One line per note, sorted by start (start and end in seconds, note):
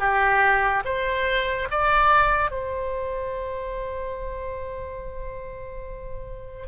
0.00 0.83 G4
0.85 1.69 C5
1.71 2.52 D5
2.52 6.68 C5